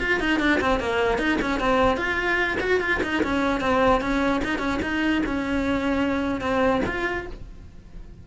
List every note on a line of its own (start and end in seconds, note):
0.00 0.20 F4
0.20 0.40 D#4
0.40 0.60 D4
0.61 0.80 C4
0.80 1.19 A#3
1.19 1.39 D#4
1.42 1.60 C#4
1.60 1.97 C4
1.97 2.58 F4
2.61 2.81 F#4
2.81 3.01 F4
3.03 3.24 D#4
3.24 3.61 C#4
3.61 4.01 C4
4.01 4.42 C#4
4.45 4.59 D#4
4.59 4.79 C#4
4.82 5.23 D#4
5.26 6.42 C#4
6.42 6.82 C4
6.87 7.27 F4